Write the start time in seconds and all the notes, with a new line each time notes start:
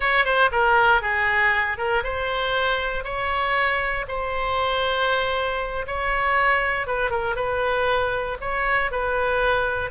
0.00 C#5
0.24 C5
0.51 A#4
1.01 G#4
1.77 A#4
2.03 C5
3.04 C#5
4.07 C5
5.86 C#5
6.86 B4
7.10 A#4
7.35 B4
8.41 C#5
8.91 B4